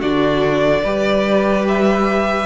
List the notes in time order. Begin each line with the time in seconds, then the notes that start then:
0.00 D3 D4 F#4 D5
0.84 G3 G4 B4
1.68 E5